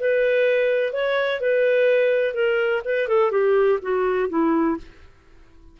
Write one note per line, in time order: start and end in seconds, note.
0.00 0.93 B4
0.93 1.41 C#5
1.41 2.34 B4
2.34 2.82 A#4
2.85 3.08 B4
3.08 3.32 A4
3.32 3.80 G4
3.82 4.30 F#4
4.30 4.78 E4